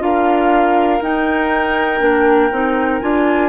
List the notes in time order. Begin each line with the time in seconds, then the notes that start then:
0.00 D4 F4 A#4 F5
1.01 D#4 G5
2.00 A#3 D4
2.51 C4 D#4
3.00 D4 F4 G#5